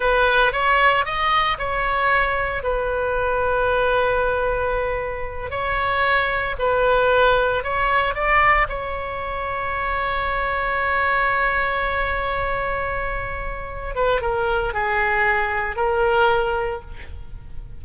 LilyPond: \new Staff \with { instrumentName = "oboe" } { \time 4/4 \tempo 4 = 114 b'4 cis''4 dis''4 cis''4~ | cis''4 b'2.~ | b'2~ b'8 cis''4.~ | cis''8 b'2 cis''4 d''8~ |
d''8 cis''2.~ cis''8~ | cis''1~ | cis''2~ cis''8 b'8 ais'4 | gis'2 ais'2 | }